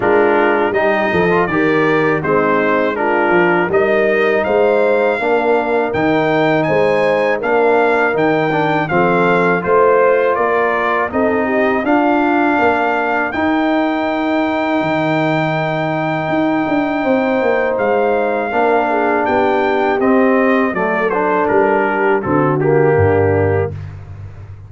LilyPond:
<<
  \new Staff \with { instrumentName = "trumpet" } { \time 4/4 \tempo 4 = 81 ais'4 dis''4 d''4 c''4 | ais'4 dis''4 f''2 | g''4 gis''4 f''4 g''4 | f''4 c''4 d''4 dis''4 |
f''2 g''2~ | g''1 | f''2 g''4 dis''4 | d''8 c''8 ais'4 a'8 g'4. | }
  \new Staff \with { instrumentName = "horn" } { \time 4/4 f'4 g'8 a'8 ais'4 dis'4 | f'4 ais'4 c''4 ais'4~ | ais'4 c''4 ais'2 | a'4 c''4 ais'4 a'8 g'8 |
f'4 ais'2.~ | ais'2. c''4~ | c''4 ais'8 gis'8 g'2 | a'4. g'8 fis'4 d'4 | }
  \new Staff \with { instrumentName = "trombone" } { \time 4/4 d'4 dis'8. f'16 g'4 c'4 | d'4 dis'2 d'4 | dis'2 d'4 dis'8 d'8 | c'4 f'2 dis'4 |
d'2 dis'2~ | dis'1~ | dis'4 d'2 c'4 | a8 d'4. c'8 ais4. | }
  \new Staff \with { instrumentName = "tuba" } { \time 4/4 gis4 g8 f8 dis4 gis4~ | gis8 f8 g4 gis4 ais4 | dis4 gis4 ais4 dis4 | f4 a4 ais4 c'4 |
d'4 ais4 dis'2 | dis2 dis'8 d'8 c'8 ais8 | gis4 ais4 b4 c'4 | fis4 g4 d4 g,4 | }
>>